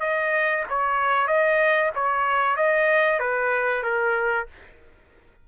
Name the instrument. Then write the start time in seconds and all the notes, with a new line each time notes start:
trumpet
0.00 D#5
0.69 C#5
1.27 D#5
1.95 C#5
2.56 D#5
3.19 B4
3.83 A#4